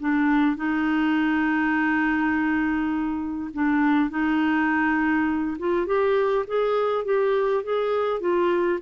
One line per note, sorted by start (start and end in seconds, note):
0.00 0.56 D4
0.56 3.51 D#4
3.53 4.10 D4
4.10 5.57 D#4
5.59 5.86 F4
5.86 6.45 G4
6.47 7.05 G#4
7.05 7.64 G4
7.64 8.21 G#4
8.21 8.79 F4